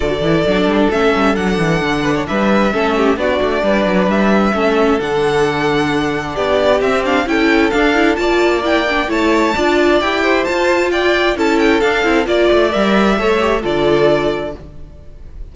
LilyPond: <<
  \new Staff \with { instrumentName = "violin" } { \time 4/4 \tempo 4 = 132 d''2 e''4 fis''4~ | fis''4 e''2 d''4~ | d''4 e''2 fis''4~ | fis''2 d''4 e''8 f''8 |
g''4 f''4 a''4 g''4 | a''2 g''4 a''4 | g''4 a''8 g''8 f''4 d''4 | e''2 d''2 | }
  \new Staff \with { instrumentName = "violin" } { \time 4/4 a'1~ | a'8 b'16 cis''16 b'4 a'8 g'8 fis'4 | b'2 a'2~ | a'2 g'2 |
a'2 d''2 | cis''4 d''4. c''4. | d''4 a'2 d''4~ | d''4 cis''4 a'2 | }
  \new Staff \with { instrumentName = "viola" } { \time 4/4 fis'8 e'8 d'4 cis'4 d'4~ | d'2 cis'4 d'4~ | d'2 cis'4 d'4~ | d'2. c'8 d'8 |
e'4 d'8 e'8 f'4 e'8 d'8 | e'4 f'4 g'4 f'4~ | f'4 e'4 d'8 e'8 f'4 | ais'4 a'8 g'8 f'2 | }
  \new Staff \with { instrumentName = "cello" } { \time 4/4 d8 e8 fis8 g8 a8 g8 fis8 e8 | d4 g4 a4 b8 a8 | g8 fis8 g4 a4 d4~ | d2 b4 c'4 |
cis'4 d'4 ais2 | a4 d'4 e'4 f'4~ | f'4 cis'4 d'8 c'8 ais8 a8 | g4 a4 d2 | }
>>